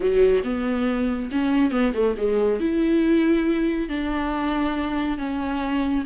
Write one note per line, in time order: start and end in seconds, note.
0.00 0.42 F#3
0.44 1.30 B3
1.31 1.71 C#4
1.71 1.92 B3
1.93 2.15 A3
2.17 2.60 G#3
2.60 3.88 E4
3.88 5.18 D4
5.18 6.04 C#4